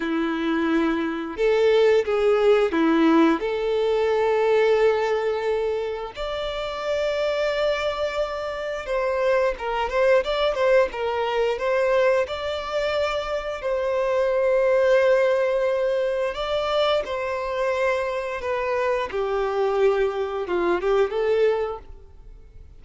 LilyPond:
\new Staff \with { instrumentName = "violin" } { \time 4/4 \tempo 4 = 88 e'2 a'4 gis'4 | e'4 a'2.~ | a'4 d''2.~ | d''4 c''4 ais'8 c''8 d''8 c''8 |
ais'4 c''4 d''2 | c''1 | d''4 c''2 b'4 | g'2 f'8 g'8 a'4 | }